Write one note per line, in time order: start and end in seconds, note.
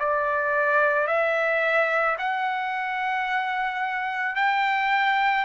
0.00 1.08 D5
1.08 2.17 E5
2.19 4.36 F#5
4.36 5.45 G5